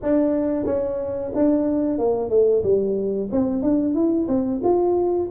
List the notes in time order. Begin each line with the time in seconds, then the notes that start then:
0.02 D4
0.65 C#4
1.34 D4
1.98 A#3
2.29 A3
2.63 G3
3.31 C4
3.62 D4
3.94 E4
4.28 C4
4.63 F4